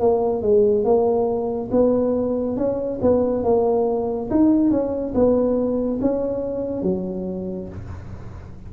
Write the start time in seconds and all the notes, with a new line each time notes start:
0.00 A#3
0.42 G#3
0.85 A#3
1.71 B3
2.57 C#4
3.02 B3
3.44 A#3
4.31 D#4
4.71 C#4
5.14 B3
6.02 C#4
6.83 F#3